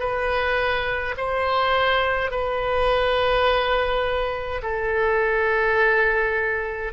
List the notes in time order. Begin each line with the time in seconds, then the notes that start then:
0.00 B4
1.17 C5
2.31 B4
4.63 A4